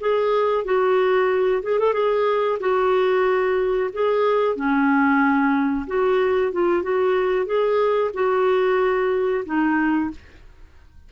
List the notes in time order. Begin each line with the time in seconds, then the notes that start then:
0.00 G#4
0.64 F#4
1.62 G#4
1.79 A4
1.93 G#4
2.59 F#4
3.92 G#4
4.56 C#4
5.87 F#4
6.52 F4
6.82 F#4
7.45 G#4
8.13 F#4
9.45 D#4